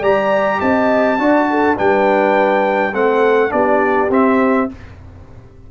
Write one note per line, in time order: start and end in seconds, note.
0.00 0.59 G3
0.00 1.18 G4
0.00 0.58 D5
0.00 0.61 A#5
0.61 1.19 C4
0.61 1.19 D#5
0.61 1.77 A5
1.19 1.77 D4
1.19 1.76 F#4
1.19 1.49 D5
1.50 1.77 A4
1.76 2.93 G3
1.76 2.93 D4
1.76 2.94 B4
1.76 2.95 G5
2.93 3.52 A3
2.93 3.50 C4
2.93 3.53 A4
2.93 3.52 F#5
3.50 4.10 B3
3.50 4.08 D4
3.50 4.71 G4
3.50 4.10 D5
4.10 4.68 C4
4.10 4.69 C4
4.10 4.71 E5